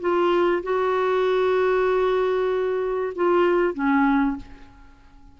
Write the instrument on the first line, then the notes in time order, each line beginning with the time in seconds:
clarinet
0.00 F4
0.63 F#4
3.15 F4
3.74 C#4